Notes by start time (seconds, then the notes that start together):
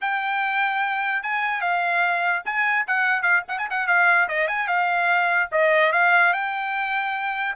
0.01 G5
1.22 G#5
1.61 F5
2.45 G#5
2.87 F#5
3.22 F5
3.48 F#5
3.58 G#5
3.70 F#5
3.87 F5
4.28 D#5
4.47 G#5
4.67 F5
5.51 D#5
5.92 F5
6.33 G5